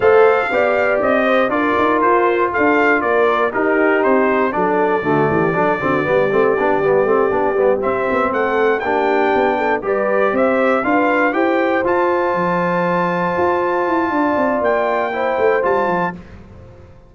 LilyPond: <<
  \new Staff \with { instrumentName = "trumpet" } { \time 4/4 \tempo 4 = 119 f''2 dis''4 d''4 | c''4 f''4 d''4 ais'4 | c''4 d''2.~ | d''2.~ d''8 e''8~ |
e''8 fis''4 g''2 d''8~ | d''8 e''4 f''4 g''4 a''8~ | a''1~ | a''4 g''2 a''4 | }
  \new Staff \with { instrumentName = "horn" } { \time 4/4 c''4 d''4. c''8 ais'4~ | ais'4 a'4 ais'4 g'4~ | g'4 a'4 fis'8 g'8 a'8 fis'8 | g'1~ |
g'8 a'4 g'4. a'8 b'8~ | b'8 c''4 b'4 c''4.~ | c''1 | d''2 c''2 | }
  \new Staff \with { instrumentName = "trombone" } { \time 4/4 a'4 g'2 f'4~ | f'2. dis'4~ | dis'4 d'4 a4 d'8 c'8 | b8 c'8 d'8 b8 c'8 d'8 b8 c'8~ |
c'4. d'2 g'8~ | g'4. f'4 g'4 f'8~ | f'1~ | f'2 e'4 f'4 | }
  \new Staff \with { instrumentName = "tuba" } { \time 4/4 a4 b4 c'4 d'8 dis'8 | f'4 d'4 ais4 dis'4 | c'4 fis4 d8 e8 fis8 d8 | g8 a8 b8 g8 a8 b8 g8 c'8 |
b8 a4 ais4 b4 g8~ | g8 c'4 d'4 e'4 f'8~ | f'8 f2 f'4 e'8 | d'8 c'8 ais4. a8 g8 f8 | }
>>